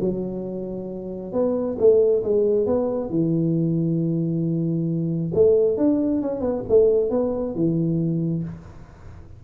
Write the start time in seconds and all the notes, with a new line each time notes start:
0.00 F#3
1.33 B3
1.79 A3
2.24 G#3
2.66 B3
3.10 E3
5.34 A3
5.77 D4
6.22 C#4
6.40 B3
6.69 A3
7.10 B3
7.55 E3